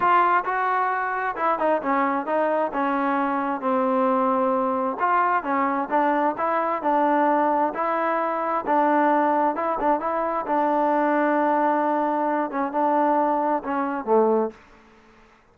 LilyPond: \new Staff \with { instrumentName = "trombone" } { \time 4/4 \tempo 4 = 132 f'4 fis'2 e'8 dis'8 | cis'4 dis'4 cis'2 | c'2. f'4 | cis'4 d'4 e'4 d'4~ |
d'4 e'2 d'4~ | d'4 e'8 d'8 e'4 d'4~ | d'2.~ d'8 cis'8 | d'2 cis'4 a4 | }